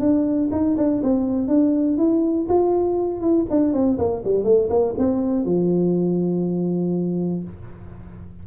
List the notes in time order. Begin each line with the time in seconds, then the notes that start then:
0.00 D4
0.52 D#4
0.77 D4
1.03 C4
1.48 D4
1.98 E4
2.49 F4
3.21 E4
3.50 D4
3.73 C4
3.98 A#3
4.25 G3
4.44 A3
4.70 A#3
4.98 C4
5.45 F3